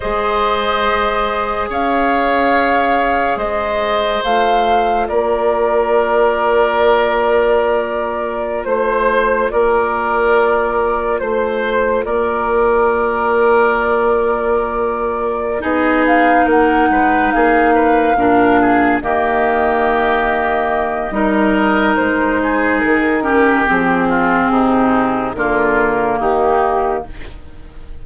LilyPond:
<<
  \new Staff \with { instrumentName = "flute" } { \time 4/4 \tempo 4 = 71 dis''2 f''2 | dis''4 f''4 d''2~ | d''2~ d''16 c''4 d''8.~ | d''4~ d''16 c''4 d''4.~ d''16~ |
d''2~ d''8 dis''8 f''8 fis''8~ | fis''8 f''2 dis''4.~ | dis''2 c''4 ais'4 | gis'2 ais'4 g'4 | }
  \new Staff \with { instrumentName = "oboe" } { \time 4/4 c''2 cis''2 | c''2 ais'2~ | ais'2~ ais'16 c''4 ais'8.~ | ais'4~ ais'16 c''4 ais'4.~ ais'16~ |
ais'2~ ais'8 gis'4 ais'8 | b'8 gis'8 b'8 ais'8 gis'8 g'4.~ | g'4 ais'4. gis'4 g'8~ | g'8 f'8 dis'4 f'4 dis'4 | }
  \new Staff \with { instrumentName = "clarinet" } { \time 4/4 gis'1~ | gis'4 f'2.~ | f'1~ | f'1~ |
f'2~ f'8 dis'4.~ | dis'4. d'4 ais4.~ | ais4 dis'2~ dis'8 cis'8 | c'2 ais2 | }
  \new Staff \with { instrumentName = "bassoon" } { \time 4/4 gis2 cis'2 | gis4 a4 ais2~ | ais2~ ais16 a4 ais8.~ | ais4~ ais16 a4 ais4.~ ais16~ |
ais2~ ais8 b4 ais8 | gis8 ais4 ais,4 dis4.~ | dis4 g4 gis4 dis4 | f4 c4 d4 dis4 | }
>>